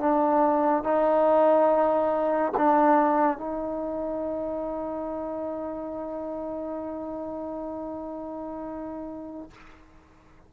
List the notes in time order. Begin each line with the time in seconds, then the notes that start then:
0.00 D4
0.84 D#4
2.57 D4
3.38 D#4